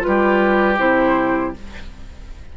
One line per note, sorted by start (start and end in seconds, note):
0.00 0.75 F4
0.00 0.78 B4
0.06 0.79 G3
0.06 1.57 G4
0.78 1.54 C3
0.78 1.53 E4
0.78 1.54 C5